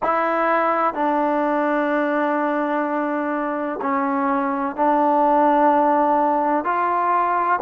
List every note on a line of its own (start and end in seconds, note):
0.03 0.94 E4
0.94 3.79 D4
3.81 4.76 C#4
4.76 6.64 D4
6.64 7.59 F4